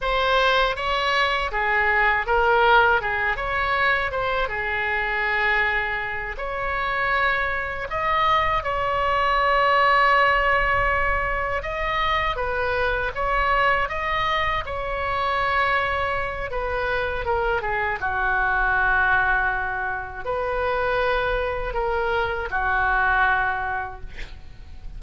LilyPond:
\new Staff \with { instrumentName = "oboe" } { \time 4/4 \tempo 4 = 80 c''4 cis''4 gis'4 ais'4 | gis'8 cis''4 c''8 gis'2~ | gis'8 cis''2 dis''4 cis''8~ | cis''2.~ cis''8 dis''8~ |
dis''8 b'4 cis''4 dis''4 cis''8~ | cis''2 b'4 ais'8 gis'8 | fis'2. b'4~ | b'4 ais'4 fis'2 | }